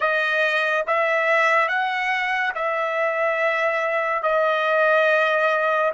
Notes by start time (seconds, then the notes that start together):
0.00 D#5
0.86 E5
1.68 F#5
2.54 E5
4.23 D#5